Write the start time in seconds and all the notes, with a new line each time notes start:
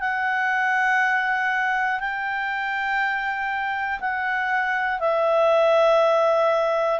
0.00 F#5
2.00 G5
4.00 F#5
5.00 E5